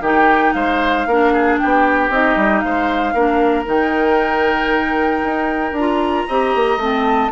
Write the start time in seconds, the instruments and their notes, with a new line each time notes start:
0.00 bassoon D#3, clarinet D#4, oboe G4, flute G5
0.53 bassoon G#3, oboe C5, flute F5
1.06 bassoon A#3, clarinet D4, oboe A#4
1.33 oboe G#4
1.58 bassoon B3, oboe G4, flute G5
2.09 bassoon C4, clarinet D#4, flute D#5
2.35 bassoon G3
2.59 bassoon G#3, oboe C5, flute F5
3.13 bassoon A#3, clarinet D4, oboe A#4
3.65 bassoon D#3, clarinet D#4, flute G5
5.22 bassoon D#4
5.72 bassoon D4, flute A#5
5.79 clarinet F4
6.28 bassoon C4, clarinet G4, oboe D#5
6.54 bassoon A#3
6.76 bassoon A3, clarinet C4, flute A5